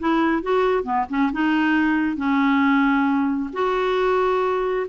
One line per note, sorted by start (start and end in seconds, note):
0.00 0.43 E4
0.43 0.84 F#4
0.84 1.06 B3
1.10 1.32 C#4
1.33 2.17 D#4
2.17 3.51 C#4
3.54 4.87 F#4